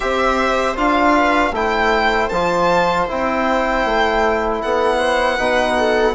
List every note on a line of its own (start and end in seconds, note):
0.00 0.77 C4
0.00 0.75 G4
0.00 1.14 C5
0.00 0.75 E5
0.75 1.51 D4
0.75 1.52 F4
0.75 1.54 F5
1.14 1.52 B4
1.51 2.28 A3
1.51 2.30 E4
1.51 4.61 C5
1.51 2.28 G5
2.28 3.08 F3
2.28 3.08 F4
2.28 3.05 A5
3.08 3.85 C4
3.08 5.38 E4
3.08 4.61 G5
3.85 4.62 A3
4.61 5.38 B3
4.61 4.97 A4
4.61 6.15 F#5
4.97 5.36 C5
5.36 6.15 B2
5.36 6.15 D#4
5.36 5.74 B4
5.77 6.15 A4